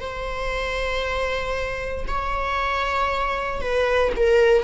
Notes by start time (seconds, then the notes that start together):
0.00 C5
2.07 C#5
3.61 B4
4.16 A#4